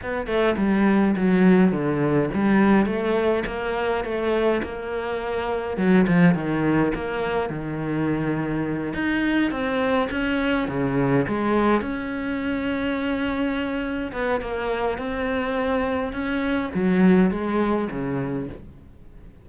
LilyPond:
\new Staff \with { instrumentName = "cello" } { \time 4/4 \tempo 4 = 104 b8 a8 g4 fis4 d4 | g4 a4 ais4 a4 | ais2 fis8 f8 dis4 | ais4 dis2~ dis8 dis'8~ |
dis'8 c'4 cis'4 cis4 gis8~ | gis8 cis'2.~ cis'8~ | cis'8 b8 ais4 c'2 | cis'4 fis4 gis4 cis4 | }